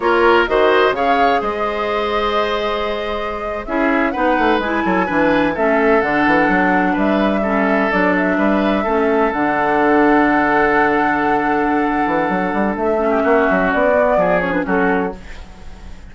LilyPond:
<<
  \new Staff \with { instrumentName = "flute" } { \time 4/4 \tempo 4 = 127 cis''4 dis''4 f''4 dis''4~ | dis''2.~ dis''8. e''16~ | e''8. fis''4 gis''2 e''16~ | e''8. fis''2 e''4~ e''16~ |
e''8. d''8 e''2~ e''8 fis''16~ | fis''1~ | fis''2. e''4~ | e''4 d''4. cis''16 b'16 a'4 | }
  \new Staff \with { instrumentName = "oboe" } { \time 4/4 ais'4 c''4 cis''4 c''4~ | c''2.~ c''8. gis'16~ | gis'8. b'4. a'8 b'4 a'16~ | a'2~ a'8. b'4 a'16~ |
a'4.~ a'16 b'4 a'4~ a'16~ | a'1~ | a'2.~ a'8. g'16 | fis'2 gis'4 fis'4 | }
  \new Staff \with { instrumentName = "clarinet" } { \time 4/4 f'4 fis'4 gis'2~ | gis'2.~ gis'8. e'16~ | e'8. dis'4 e'4 d'4 cis'16~ | cis'8. d'2. cis'16~ |
cis'8. d'2 cis'4 d'16~ | d'1~ | d'2.~ d'8 cis'8~ | cis'4. b4 cis'16 d'16 cis'4 | }
  \new Staff \with { instrumentName = "bassoon" } { \time 4/4 ais4 dis4 cis4 gis4~ | gis2.~ gis8. cis'16~ | cis'8. b8 a8 gis8 fis8 e4 a16~ | a8. d8 e8 fis4 g4~ g16~ |
g8. fis4 g4 a4 d16~ | d1~ | d4. e8 fis8 g8 a4 | ais8 fis8 b4 f4 fis4 | }
>>